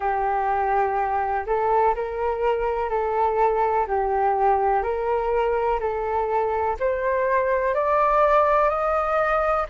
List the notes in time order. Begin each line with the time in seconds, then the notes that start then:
0.00 G4
1.46 A4
1.95 A#4
2.89 A4
3.87 G4
4.82 A#4
5.80 A4
6.79 C5
7.74 D5
8.69 D#5